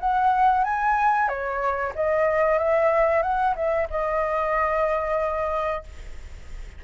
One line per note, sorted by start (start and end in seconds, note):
0.00 0.64 F#5
0.64 1.28 G#5
1.28 1.93 C#5
1.95 2.58 D#5
2.58 3.23 E5
3.23 3.55 F#5
3.56 3.88 E5
3.90 5.84 D#5